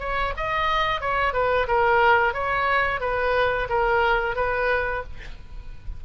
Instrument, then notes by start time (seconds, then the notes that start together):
oboe
0.00 C#5
0.37 D#5
1.01 C#5
1.34 B4
1.68 A#4
2.34 C#5
3.01 B4
3.70 A#4
4.36 B4